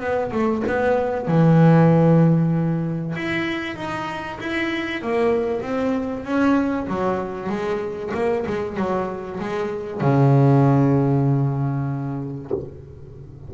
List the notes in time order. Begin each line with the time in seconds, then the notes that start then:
0.00 B3
0.32 A3
0.67 B3
1.28 E3
3.16 E4
3.76 D#4
4.40 E4
5.02 A#3
5.62 C4
6.24 C#4
6.87 F#3
7.50 G#3
8.14 A#3
8.47 G#3
8.77 F#3
9.40 G#3
10.01 C#3